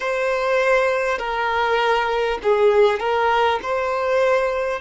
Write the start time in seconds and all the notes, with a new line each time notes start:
0.00 C5
1.18 A#4
2.42 G#4
2.99 A#4
3.62 C5